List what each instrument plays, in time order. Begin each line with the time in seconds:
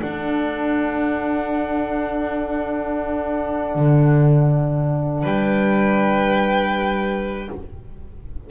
0.00 horn D4, double bass D4, violin A4 F#5
3.76 double bass D3
5.23 double bass G3, violin B4 G5